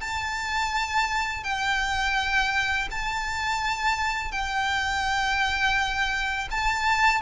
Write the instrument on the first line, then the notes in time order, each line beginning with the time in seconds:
violin
0.00 A5
1.43 G5
2.90 A5
4.31 G5
6.51 A5